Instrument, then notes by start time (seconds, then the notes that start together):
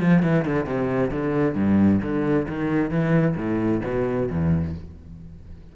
cello
0.00 F3
0.23 E3
0.45 D3
0.65 C3
1.11 D3
1.55 G2
2.02 D3
2.48 D#3
2.90 E3
3.36 A2
3.85 B2
4.30 E2